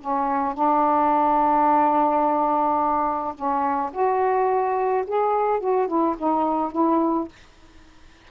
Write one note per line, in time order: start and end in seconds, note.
0.00 0.54 C#4
0.54 3.34 D4
3.34 3.90 C#4
3.92 5.04 F#4
5.06 5.59 G#4
5.59 5.87 F#4
5.87 6.15 E4
6.18 6.72 D#4
6.72 7.28 E4